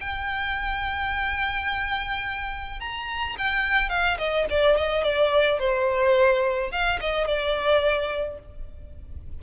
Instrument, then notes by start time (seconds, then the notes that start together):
violin
0.00 G5
2.80 A#5
3.38 G5
3.89 F5
4.18 D#5
4.50 D5
4.76 D#5
5.03 D5
5.59 C5
6.71 F5
7.00 D#5
7.27 D5